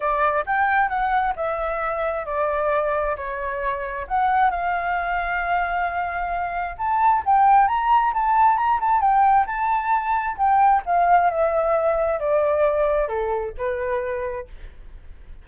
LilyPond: \new Staff \with { instrumentName = "flute" } { \time 4/4 \tempo 4 = 133 d''4 g''4 fis''4 e''4~ | e''4 d''2 cis''4~ | cis''4 fis''4 f''2~ | f''2. a''4 |
g''4 ais''4 a''4 ais''8 a''8 | g''4 a''2 g''4 | f''4 e''2 d''4~ | d''4 a'4 b'2 | }